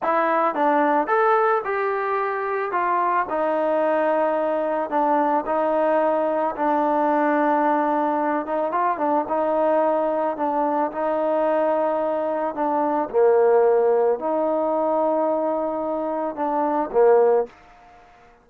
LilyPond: \new Staff \with { instrumentName = "trombone" } { \time 4/4 \tempo 4 = 110 e'4 d'4 a'4 g'4~ | g'4 f'4 dis'2~ | dis'4 d'4 dis'2 | d'2.~ d'8 dis'8 |
f'8 d'8 dis'2 d'4 | dis'2. d'4 | ais2 dis'2~ | dis'2 d'4 ais4 | }